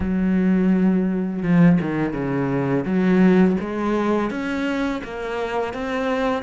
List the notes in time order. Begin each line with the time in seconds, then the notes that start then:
0.00 F#3
1.43 F3
1.81 D#3
2.13 C#3
2.85 F#3
3.60 G#3
4.30 C#4
5.04 A#3
5.73 C4